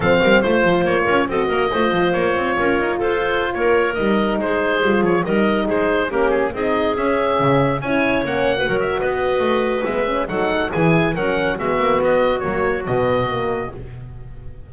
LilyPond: <<
  \new Staff \with { instrumentName = "oboe" } { \time 4/4 \tempo 4 = 140 f''4 c''4 cis''4 dis''4~ | dis''4 cis''2 c''4~ | c''16 cis''4 dis''4 c''4. cis''16~ | cis''16 dis''4 c''4 ais'8 gis'8 dis''8.~ |
dis''16 e''2 gis''4 fis''8.~ | fis''8 e''8 dis''2 e''4 | fis''4 gis''4 fis''4 e''4 | dis''4 cis''4 dis''2 | }
  \new Staff \with { instrumentName = "clarinet" } { \time 4/4 a'8 ais'8 c''4. ais'8 a'8 ais'8 | c''2 ais'4 a'4~ | a'16 ais'2 gis'4.~ gis'16~ | gis'16 ais'4 gis'4 g'4 gis'8.~ |
gis'2~ gis'16 cis''4.~ cis''16 | b'16 ais'8. b'2. | a'4 gis'4 ais'4 fis'4~ | fis'1 | }
  \new Staff \with { instrumentName = "horn" } { \time 4/4 c'4 f'2 fis'4 | f'1~ | f'4~ f'16 dis'2 f'8.~ | f'16 dis'2 cis'4 dis'8.~ |
dis'16 cis'2 e'4 cis'8. | fis'2. b8 cis'8 | dis'4 e'4 cis'4 b4~ | b4 ais4 b4 ais4 | }
  \new Staff \with { instrumentName = "double bass" } { \time 4/4 f8 g8 a8 f8 ais8 cis'8 c'8 ais8 | a8 f8 ais8 c'8 cis'8 dis'8 f'4~ | f'16 ais4 g4 gis4 g8 f16~ | f16 g4 gis4 ais4 c'8.~ |
c'16 cis'4 cis4 cis'4 ais8.~ | ais16 fis8. b4 a4 gis4 | fis4 e4 fis4 gis8 ais8 | b4 fis4 b,2 | }
>>